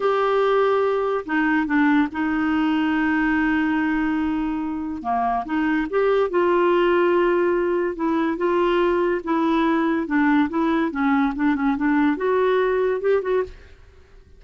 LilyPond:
\new Staff \with { instrumentName = "clarinet" } { \time 4/4 \tempo 4 = 143 g'2. dis'4 | d'4 dis'2.~ | dis'1 | ais4 dis'4 g'4 f'4~ |
f'2. e'4 | f'2 e'2 | d'4 e'4 cis'4 d'8 cis'8 | d'4 fis'2 g'8 fis'8 | }